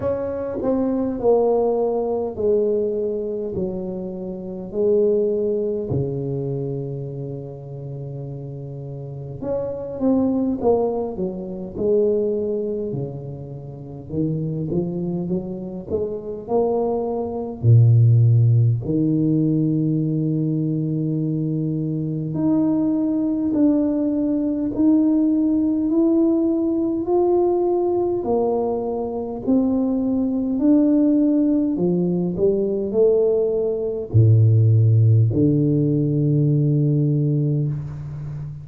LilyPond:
\new Staff \with { instrumentName = "tuba" } { \time 4/4 \tempo 4 = 51 cis'8 c'8 ais4 gis4 fis4 | gis4 cis2. | cis'8 c'8 ais8 fis8 gis4 cis4 | dis8 f8 fis8 gis8 ais4 ais,4 |
dis2. dis'4 | d'4 dis'4 e'4 f'4 | ais4 c'4 d'4 f8 g8 | a4 a,4 d2 | }